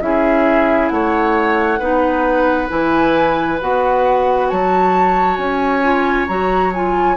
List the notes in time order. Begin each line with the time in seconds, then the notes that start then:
0.00 C#4 E4 G#4 E5
0.88 A3 C#5 F#5
1.79 B3 D#4 B4
2.68 E3 E4 G#5
3.60 B3 F#4 F#5
4.49 F#3 C#5 A5
5.36 C#4 G#5
5.82 F4
6.27 F#3 F#4 A#5
6.73 F4 G#5